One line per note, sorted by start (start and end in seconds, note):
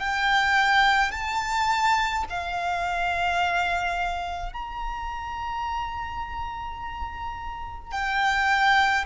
0.00 1.11 G5
1.11 2.24 A5
2.30 4.53 F5
4.53 7.91 A#5
7.91 9.05 G5